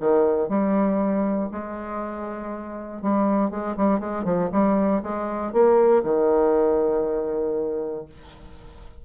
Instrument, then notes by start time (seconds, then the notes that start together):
bassoon
0.00 D#3
0.49 G3
1.51 G#3
3.02 G3
3.50 G#3
3.77 G3
4.00 G#3
4.24 F3
4.52 G3
5.03 G#3
5.53 A#3
6.03 D#3